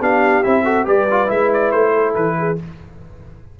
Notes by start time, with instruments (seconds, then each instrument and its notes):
0.00 tuba B3, trombone D4, horn G4, trumpet F5
0.43 tuba C4, trombone E4, trumpet E5
0.63 trombone F#4, horn A4
0.85 tuba G3, trombone G4, horn B4, trumpet D5
1.10 trombone F4
1.27 tuba G#3, trombone E4, trumpet E5
1.53 trumpet D5
1.71 tuba A3, trumpet C5
1.94 horn A4
2.15 tuba E3, trumpet B4
2.38 horn G#4